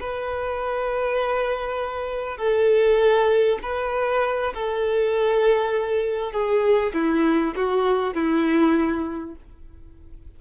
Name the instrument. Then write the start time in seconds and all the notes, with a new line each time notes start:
violin
0.00 B4
2.37 A4
3.63 B4
4.54 A4
6.32 G#4
6.93 E4
7.56 F#4
8.14 E4